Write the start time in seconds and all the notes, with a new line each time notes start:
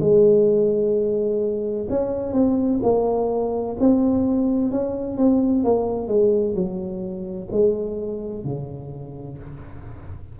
0.00 G#3
1.90 C#4
2.33 C4
2.83 A#3
3.79 C4
4.71 C#4
5.17 C4
5.64 A#3
6.08 G#3
6.55 F#3
7.52 G#3
8.45 C#3